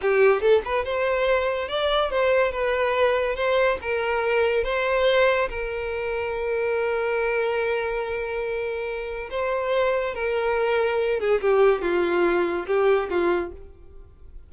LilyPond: \new Staff \with { instrumentName = "violin" } { \time 4/4 \tempo 4 = 142 g'4 a'8 b'8 c''2 | d''4 c''4 b'2 | c''4 ais'2 c''4~ | c''4 ais'2.~ |
ais'1~ | ais'2 c''2 | ais'2~ ais'8 gis'8 g'4 | f'2 g'4 f'4 | }